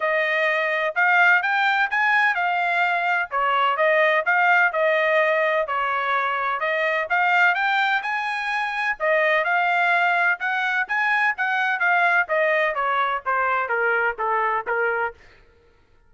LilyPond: \new Staff \with { instrumentName = "trumpet" } { \time 4/4 \tempo 4 = 127 dis''2 f''4 g''4 | gis''4 f''2 cis''4 | dis''4 f''4 dis''2 | cis''2 dis''4 f''4 |
g''4 gis''2 dis''4 | f''2 fis''4 gis''4 | fis''4 f''4 dis''4 cis''4 | c''4 ais'4 a'4 ais'4 | }